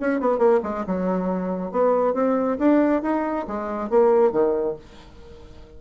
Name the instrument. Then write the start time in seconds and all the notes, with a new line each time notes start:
bassoon
0.00 C#4
0.20 B3
0.38 A#3
0.63 G#3
0.86 F#3
1.71 B3
2.14 C4
2.58 D4
3.02 D#4
3.47 G#3
3.89 A#3
4.32 D#3